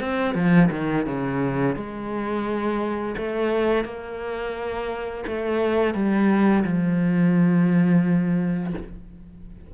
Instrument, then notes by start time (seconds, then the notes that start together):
cello
0.00 C4
0.35 F3
0.71 D#3
1.06 C#3
1.76 G#3
3.17 A3
3.85 A#3
5.27 A3
5.94 G3
6.64 F3